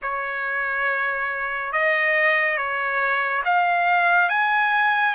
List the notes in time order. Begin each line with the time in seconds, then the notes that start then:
0.02 C#5
1.72 D#5
2.57 C#5
3.44 F5
4.29 G#5